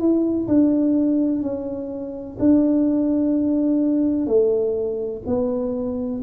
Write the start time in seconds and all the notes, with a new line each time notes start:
0.00 E4
0.48 D4
1.42 C#4
2.39 D4
4.27 A3
5.26 B3